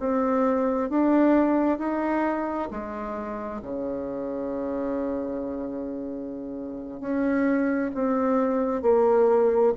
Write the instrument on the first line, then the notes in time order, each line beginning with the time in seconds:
bassoon
0.00 C4
0.90 D4
1.79 D#4
2.71 G#3
3.62 C#3
7.00 C#4
7.95 C4
8.82 A#3